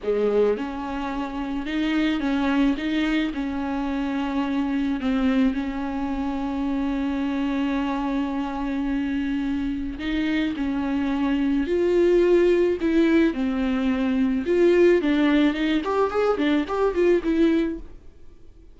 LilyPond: \new Staff \with { instrumentName = "viola" } { \time 4/4 \tempo 4 = 108 gis4 cis'2 dis'4 | cis'4 dis'4 cis'2~ | cis'4 c'4 cis'2~ | cis'1~ |
cis'2 dis'4 cis'4~ | cis'4 f'2 e'4 | c'2 f'4 d'4 | dis'8 g'8 gis'8 d'8 g'8 f'8 e'4 | }